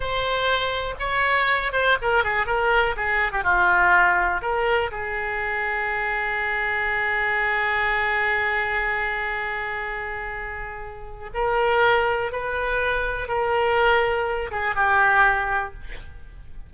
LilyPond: \new Staff \with { instrumentName = "oboe" } { \time 4/4 \tempo 4 = 122 c''2 cis''4. c''8 | ais'8 gis'8 ais'4 gis'8. g'16 f'4~ | f'4 ais'4 gis'2~ | gis'1~ |
gis'1~ | gis'2. ais'4~ | ais'4 b'2 ais'4~ | ais'4. gis'8 g'2 | }